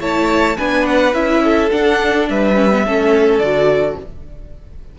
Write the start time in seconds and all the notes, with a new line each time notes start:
0.00 A3 E4 C#5 A5
0.57 B3 D4 B4 G#5
0.86 F#5
1.13 C#4 E4 E5
1.43 A4
1.71 D4 F#5
2.29 G3 B4 E5
2.55 C#4
2.72 B3
2.85 A3 C#4 A4
3.39 D3 F#4 D5